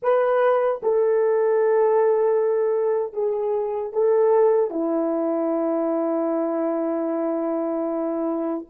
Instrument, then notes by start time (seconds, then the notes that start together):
horn
0.02 B4
0.82 A4
3.13 G#4
3.92 A4
4.70 E4